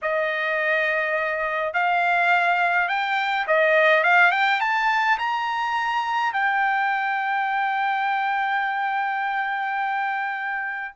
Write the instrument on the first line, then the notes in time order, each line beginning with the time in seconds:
trumpet
0.02 D#5
1.73 F5
2.88 G5
3.47 D#5
4.03 F5
4.31 G5
4.60 A5
5.18 A#5
6.33 G5